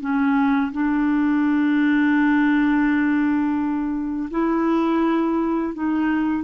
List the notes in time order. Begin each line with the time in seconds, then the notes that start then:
0.00 C#4
0.72 D4
4.31 E4
5.74 D#4